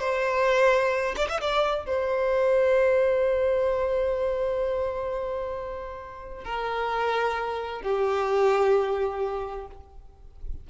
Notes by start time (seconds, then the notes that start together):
0.00 C5
1.17 D5
1.29 E5
1.41 D5
1.86 C5
6.45 A#4
7.83 G4